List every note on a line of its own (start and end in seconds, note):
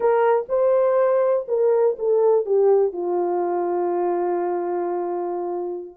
0.00 0.46 A#4
0.49 1.46 C5
1.48 1.96 A#4
1.98 2.45 A4
2.45 2.92 G4
2.92 5.96 F4